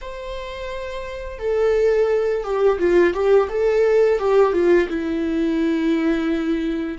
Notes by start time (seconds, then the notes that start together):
0.01 C5
1.39 A4
2.43 G4
2.78 F4
3.13 G4
3.49 A4
4.19 G4
4.53 F4
4.88 E4